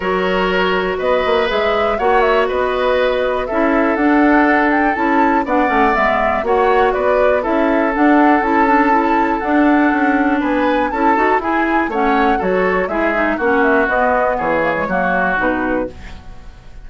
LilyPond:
<<
  \new Staff \with { instrumentName = "flute" } { \time 4/4 \tempo 4 = 121 cis''2 dis''4 e''4 | fis''8 e''8 dis''2 e''4 | fis''4. g''8 a''4 fis''4 | e''4 fis''4 d''4 e''4 |
fis''4 a''2 fis''4~ | fis''4 gis''4 a''4 gis''4 | fis''4 cis''4 e''4 fis''8 e''8 | dis''4 cis''2 b'4 | }
  \new Staff \with { instrumentName = "oboe" } { \time 4/4 ais'2 b'2 | cis''4 b'2 a'4~ | a'2. d''4~ | d''4 cis''4 b'4 a'4~ |
a'1~ | a'4 b'4 a'4 gis'4 | cis''4 a'4 gis'4 fis'4~ | fis'4 gis'4 fis'2 | }
  \new Staff \with { instrumentName = "clarinet" } { \time 4/4 fis'2. gis'4 | fis'2. e'4 | d'2 e'4 d'8 cis'8 | b4 fis'2 e'4 |
d'4 e'8 d'8 e'4 d'4~ | d'2 e'8 fis'8 e'4 | cis'4 fis'4 e'8 dis'8 cis'4 | b4. ais16 gis16 ais4 dis'4 | }
  \new Staff \with { instrumentName = "bassoon" } { \time 4/4 fis2 b8 ais8 gis4 | ais4 b2 cis'4 | d'2 cis'4 b8 a8 | gis4 ais4 b4 cis'4 |
d'4 cis'2 d'4 | cis'4 b4 cis'8 dis'8 e'4 | a4 fis4 gis4 ais4 | b4 e4 fis4 b,4 | }
>>